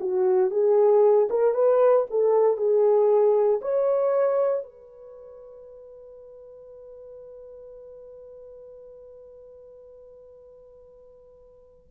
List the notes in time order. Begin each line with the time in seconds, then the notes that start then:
0.00 F#4
0.50 G#4
1.30 A#4
1.54 B4
2.10 A4
2.57 G#4
3.61 C#5
4.63 B4